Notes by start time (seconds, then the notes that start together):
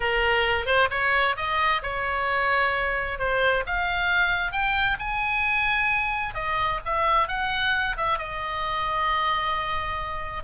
0.00 A#4
0.65 C5
0.90 C#5
1.36 D#5
1.82 C#5
3.18 C5
3.66 F5
4.52 G5
4.99 G#5
6.34 D#5
6.85 E5
7.28 F#5
7.96 E5
8.18 D#5